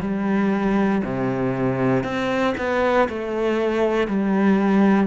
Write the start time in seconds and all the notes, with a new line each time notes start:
0.00 G3
1.04 C3
2.03 C4
2.57 B3
3.08 A3
4.07 G3